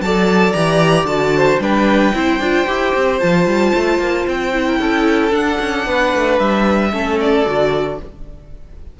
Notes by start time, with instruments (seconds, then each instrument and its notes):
0.00 cello F#3, viola A4, violin D5 A5
0.52 cello E3, viola G4, violin A#5
1.04 cello D3, viola F#4, violin A5
1.36 violin C5
1.59 cello G3, viola D4, violin B4 G5
2.13 cello C4, viola E4, violin C5
2.39 cello D4, viola F4
2.66 cello E4, viola G4
2.95 cello C4
3.19 cello F3, viola F4, violin A5
3.46 cello G3
3.74 cello A3
3.99 cello A#3
4.27 cello C4, violin G5
4.53 viola E4
4.65 violin A#4
4.79 cello C#4, violin A4
5.30 viola D4, cello D4, violin F#5
5.60 cello C#4
5.86 cello B3, violin B4
6.15 cello A3
6.39 cello G3, violin E5
6.91 cello A3, viola C#4, violin A4
7.20 violin D5
7.46 cello D3, viola F#4